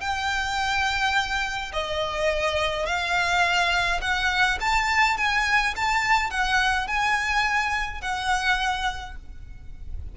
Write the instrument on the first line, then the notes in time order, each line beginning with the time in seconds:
violin
0.00 G5
1.72 D#5
2.86 F5
4.01 F#5
4.60 A5
5.17 G#5
5.75 A5
6.30 F#5
6.87 G#5
8.01 F#5